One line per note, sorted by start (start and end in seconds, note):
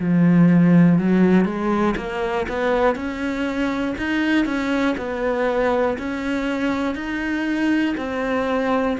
0.00 0.99 F3
0.99 1.45 F#3
1.45 1.95 G#3
1.97 2.47 A#3
2.49 2.96 B3
2.96 3.96 C#4
3.98 4.46 D#4
4.46 4.96 C#4
4.98 5.98 B3
5.99 6.95 C#4
6.95 7.95 D#4
7.98 8.98 C4